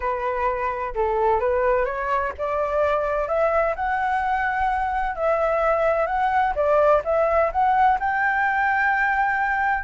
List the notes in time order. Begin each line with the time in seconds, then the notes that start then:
0.00 B4
0.94 A4
1.40 B4
1.85 C#5
2.37 D5
3.27 E5
3.75 F#5
5.15 E5
6.06 F#5
6.55 D5
7.04 E5
7.51 F#5
7.99 G5